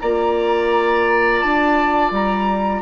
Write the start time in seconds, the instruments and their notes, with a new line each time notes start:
0.00 bassoon A#3, clarinet F4, oboe D5, flute A#5
1.40 bassoon D4, flute A5
2.11 bassoon G3, flute A#5